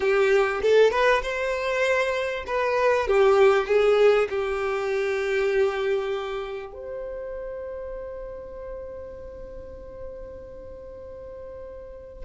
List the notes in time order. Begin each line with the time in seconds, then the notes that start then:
0.00 G4
0.62 A4
0.91 B4
1.22 C5
2.46 B4
3.07 G4
3.67 G#4
4.29 G4
6.73 C5